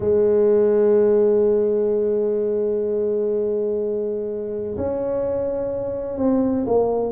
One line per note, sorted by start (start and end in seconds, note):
0.00 4.76 G#3
4.77 6.17 C#4
6.17 6.65 C4
6.66 7.12 A#3